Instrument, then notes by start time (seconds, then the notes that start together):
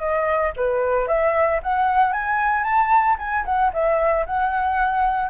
flute
0.00 D#5
0.57 B4
1.08 E5
1.63 F#5
2.13 G#5
2.64 A5
3.19 G#5
3.46 F#5
3.74 E5
4.27 F#5